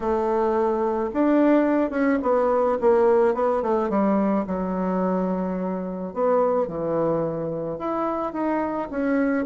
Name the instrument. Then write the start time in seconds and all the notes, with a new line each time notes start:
bassoon
0.00 A3
1.13 D4
1.90 C#4
2.22 B3
2.80 A#3
3.34 B3
3.62 A3
3.89 G3
4.46 F#3
6.13 B3
6.67 E3
7.78 E4
8.32 D#4
8.90 C#4